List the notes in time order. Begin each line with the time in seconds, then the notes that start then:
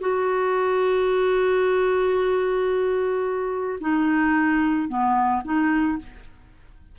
0.00 F#4
3.80 D#4
4.88 B3
5.44 D#4